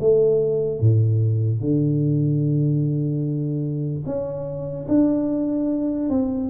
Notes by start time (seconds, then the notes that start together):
0.00 A3
0.80 A2
1.61 D3
4.06 C#4
4.88 D4
6.10 C4